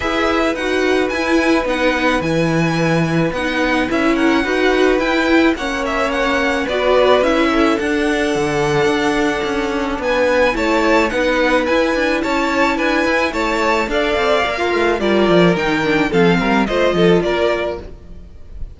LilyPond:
<<
  \new Staff \with { instrumentName = "violin" } { \time 4/4 \tempo 4 = 108 e''4 fis''4 gis''4 fis''4 | gis''2 fis''4 e''8 fis''8~ | fis''4 g''4 fis''8 e''8 fis''4 | d''4 e''4 fis''2~ |
fis''2 gis''4 a''4 | fis''4 gis''4 a''4 gis''4 | a''4 f''2 d''4 | g''4 f''4 dis''4 d''4 | }
  \new Staff \with { instrumentName = "violin" } { \time 4/4 b'1~ | b'2.~ b'8 ais'8 | b'2 cis''2 | b'4. a'2~ a'8~ |
a'2 b'4 cis''4 | b'2 cis''4 b'4 | cis''4 d''4~ d''16 f'8. ais'4~ | ais'4 a'8 ais'8 c''8 a'8 ais'4 | }
  \new Staff \with { instrumentName = "viola" } { \time 4/4 gis'4 fis'4 e'4 dis'4 | e'2 dis'4 e'4 | fis'4 e'4 cis'2 | fis'4 e'4 d'2~ |
d'2. e'4 | dis'4 e'2.~ | e'4 a'4 ais'4 f'4 | dis'8 d'8 c'4 f'2 | }
  \new Staff \with { instrumentName = "cello" } { \time 4/4 e'4 dis'4 e'4 b4 | e2 b4 cis'4 | dis'4 e'4 ais2 | b4 cis'4 d'4 d4 |
d'4 cis'4 b4 a4 | b4 e'8 d'8 cis'4 d'8 e'8 | a4 d'8 c'8 ais8 a8 g8 f8 | dis4 f8 g8 a8 f8 ais4 | }
>>